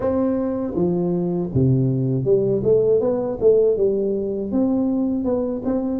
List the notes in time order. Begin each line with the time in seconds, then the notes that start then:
0.00 C4
0.74 F3
1.54 C3
2.24 G3
2.63 A3
3.00 B3
3.40 A3
3.76 G3
4.51 C4
5.24 B3
5.65 C4